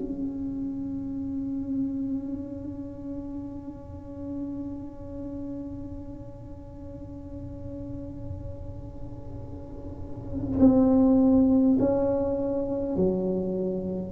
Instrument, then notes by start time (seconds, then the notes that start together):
tuba
0.00 C#4
10.60 C4
11.80 C#4
12.97 F#3